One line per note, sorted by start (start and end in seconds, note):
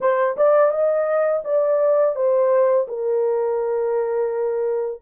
0.00 0.36 C5
0.36 0.71 D5
0.71 1.43 D#5
1.44 2.15 D5
2.15 2.86 C5
2.87 5.01 A#4